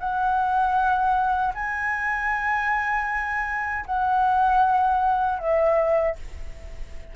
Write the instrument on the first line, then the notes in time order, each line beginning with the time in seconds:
flute
0.00 F#5
1.55 G#5
3.86 F#5
5.39 E5